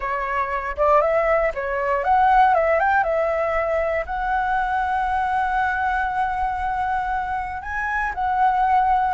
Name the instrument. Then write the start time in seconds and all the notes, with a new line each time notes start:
flute
0.00 C#5
0.76 D5
1.01 E5
1.54 C#5
2.03 F#5
2.54 E5
2.79 G5
3.03 E5
4.05 F#5
7.62 G#5
8.14 F#5